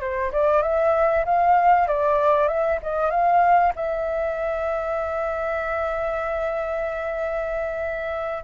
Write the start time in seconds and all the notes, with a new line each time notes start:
0.00 C5
0.32 D5
0.62 E5
1.25 F5
1.87 D5
2.47 E5
2.82 D#5
3.10 F5
3.75 E5